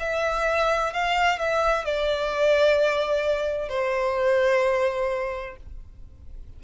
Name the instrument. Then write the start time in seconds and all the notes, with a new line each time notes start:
violin
0.00 E5
0.93 F5
1.39 E5
1.85 D5
3.69 C5